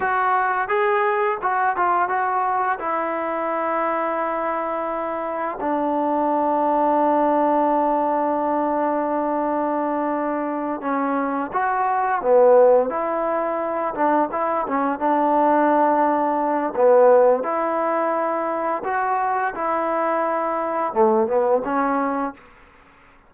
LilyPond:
\new Staff \with { instrumentName = "trombone" } { \time 4/4 \tempo 4 = 86 fis'4 gis'4 fis'8 f'8 fis'4 | e'1 | d'1~ | d'2.~ d'8 cis'8~ |
cis'8 fis'4 b4 e'4. | d'8 e'8 cis'8 d'2~ d'8 | b4 e'2 fis'4 | e'2 a8 b8 cis'4 | }